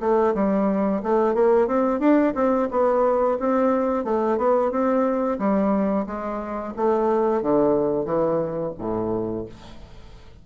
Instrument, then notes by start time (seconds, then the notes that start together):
bassoon
0.00 A3
0.34 G3
1.03 A3
1.35 A#3
1.67 C4
1.99 D4
2.35 C4
2.71 B3
3.40 C4
4.04 A3
4.37 B3
4.71 C4
5.38 G3
6.06 G#3
6.76 A3
7.42 D3
8.05 E3
8.78 A2